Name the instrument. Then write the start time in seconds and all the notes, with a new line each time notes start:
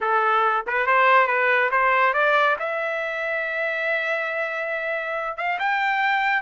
trumpet
0.00 A4
0.66 B4
0.86 C5
1.27 B4
1.71 C5
2.13 D5
2.59 E5
5.37 F5
5.59 G5